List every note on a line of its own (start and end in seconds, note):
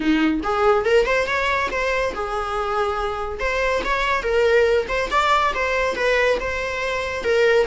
0.00 0.40 D#4
0.43 0.85 G#4
0.85 1.06 A#4
1.06 1.26 C5
1.26 1.69 C#5
1.71 2.13 C5
2.14 3.39 G#4
3.39 3.82 C5
3.84 4.22 C#5
4.22 4.86 A#4
4.88 5.09 C5
5.10 5.53 D5
5.54 5.95 C5
5.95 6.38 B4
6.39 7.23 C5
7.23 7.66 A#4